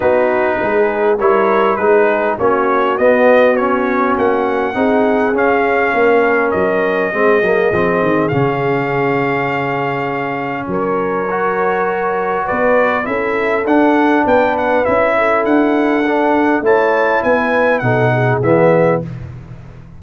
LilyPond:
<<
  \new Staff \with { instrumentName = "trumpet" } { \time 4/4 \tempo 4 = 101 b'2 cis''4 b'4 | cis''4 dis''4 cis''4 fis''4~ | fis''4 f''2 dis''4~ | dis''2 f''2~ |
f''2 cis''2~ | cis''4 d''4 e''4 fis''4 | g''8 fis''8 e''4 fis''2 | a''4 gis''4 fis''4 e''4 | }
  \new Staff \with { instrumentName = "horn" } { \time 4/4 fis'4 gis'4 ais'4 gis'4 | fis'1 | gis'2 ais'2 | gis'1~ |
gis'2 ais'2~ | ais'4 b'4 a'2 | b'4. a'2~ a'8 | cis''4 b'4 a'8 gis'4. | }
  \new Staff \with { instrumentName = "trombone" } { \time 4/4 dis'2 e'4 dis'4 | cis'4 b4 cis'2 | dis'4 cis'2. | c'8 ais8 c'4 cis'2~ |
cis'2. fis'4~ | fis'2 e'4 d'4~ | d'4 e'2 d'4 | e'2 dis'4 b4 | }
  \new Staff \with { instrumentName = "tuba" } { \time 4/4 b4 gis4 g4 gis4 | ais4 b2 ais4 | c'4 cis'4 ais4 fis4 | gis8 fis8 f8 dis8 cis2~ |
cis2 fis2~ | fis4 b4 cis'4 d'4 | b4 cis'4 d'2 | a4 b4 b,4 e4 | }
>>